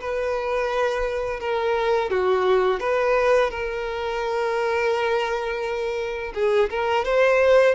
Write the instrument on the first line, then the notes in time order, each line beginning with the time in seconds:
violin
0.00 B4
1.40 A#4
2.10 F#4
2.80 B4
3.50 A#4
6.34 G#4
6.70 A#4
7.05 C5